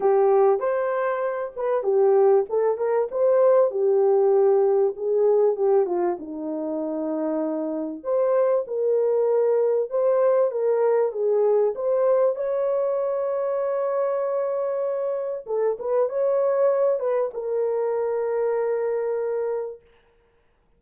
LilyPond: \new Staff \with { instrumentName = "horn" } { \time 4/4 \tempo 4 = 97 g'4 c''4. b'8 g'4 | a'8 ais'8 c''4 g'2 | gis'4 g'8 f'8 dis'2~ | dis'4 c''4 ais'2 |
c''4 ais'4 gis'4 c''4 | cis''1~ | cis''4 a'8 b'8 cis''4. b'8 | ais'1 | }